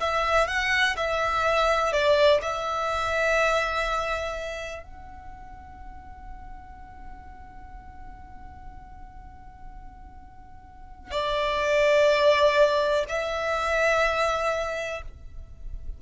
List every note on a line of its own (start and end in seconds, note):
0.00 0.48 E5
0.48 0.96 F#5
0.97 1.93 E5
1.93 2.41 D5
2.42 4.83 E5
4.83 11.11 F#5
11.11 13.04 D5
13.08 15.02 E5